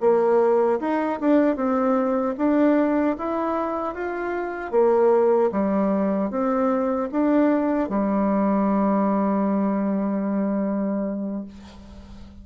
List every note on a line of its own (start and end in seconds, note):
0.00 0.79 A#3
0.80 1.19 D#4
1.20 1.55 D4
1.55 2.34 C4
2.37 3.16 D4
3.18 3.94 E4
3.94 4.71 F4
4.71 5.50 A#3
5.51 6.30 G3
6.30 7.09 C4
7.11 7.89 D4
7.89 11.44 G3